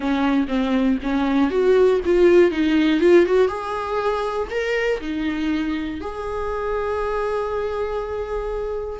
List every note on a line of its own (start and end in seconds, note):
0.00 0.46 C#4
0.47 0.97 C4
1.02 1.50 C#4
1.50 2.00 F#4
2.05 2.51 F4
2.51 3.00 D#4
3.00 3.25 F4
3.25 3.47 F#4
3.47 4.47 G#4
4.50 5.00 A#4
5.00 6.00 D#4
6.00 9.00 G#4